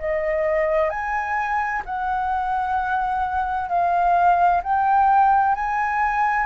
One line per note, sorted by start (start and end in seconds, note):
0.00 0.90 D#5
0.90 1.83 G#5
1.85 3.69 F#5
3.69 4.62 F5
4.63 5.56 G5
5.56 6.47 G#5